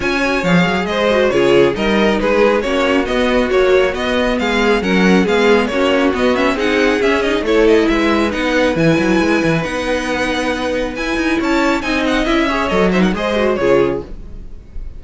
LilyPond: <<
  \new Staff \with { instrumentName = "violin" } { \time 4/4 \tempo 4 = 137 gis''4 f''4 dis''4 cis''4 | dis''4 b'4 cis''4 dis''4 | cis''4 dis''4 f''4 fis''4 | f''4 cis''4 dis''8 e''8 fis''4 |
e''8 dis''8 cis''8 dis''8 e''4 fis''4 | gis''2 fis''2~ | fis''4 gis''4 a''4 gis''8 fis''8 | e''4 dis''8 e''16 fis''16 dis''4 cis''4 | }
  \new Staff \with { instrumentName = "violin" } { \time 4/4 cis''2 c''4 gis'4 | ais'4 gis'4 fis'2~ | fis'2 gis'4 ais'4 | gis'4 fis'2 gis'4~ |
gis'4 a'4 b'2~ | b'1~ | b'2 cis''4 dis''4~ | dis''8 cis''4 c''16 ais'16 c''4 gis'4 | }
  \new Staff \with { instrumentName = "viola" } { \time 4/4 f'8 fis'8 gis'4. fis'8 f'4 | dis'2 cis'4 b4 | fis4 b2 cis'4 | b4 cis'4 b8 cis'8 dis'4 |
cis'8 dis'8 e'2 dis'4 | e'2 dis'2~ | dis'4 e'2 dis'4 | e'8 gis'8 a'8 dis'8 gis'8 fis'8 f'4 | }
  \new Staff \with { instrumentName = "cello" } { \time 4/4 cis'4 f8 fis8 gis4 cis4 | g4 gis4 ais4 b4 | ais4 b4 gis4 fis4 | gis4 ais4 b4 c'4 |
cis'4 a4 gis4 b4 | e8 fis8 gis8 e8 b2~ | b4 e'8 dis'8 cis'4 c'4 | cis'4 fis4 gis4 cis4 | }
>>